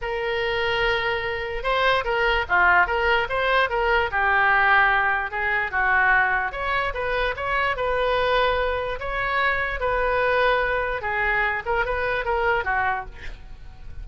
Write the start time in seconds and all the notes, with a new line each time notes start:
0.01 A#4
1.63 C5
2.04 A#4
2.48 F4
2.86 A#4
3.29 C5
3.69 A#4
4.11 G4
5.30 G#4
5.71 F#4
6.52 C#5
6.94 B4
7.36 C#5
7.76 B4
8.99 C#5
9.80 B4
11.01 G#4
11.65 A#4
11.85 B4
12.24 A#4
12.64 F#4